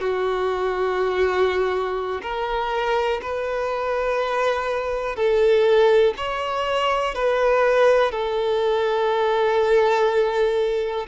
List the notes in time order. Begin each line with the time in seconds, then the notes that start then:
0.00 F#4
2.22 A#4
3.22 B4
5.16 A4
6.17 C#5
7.14 B4
8.11 A4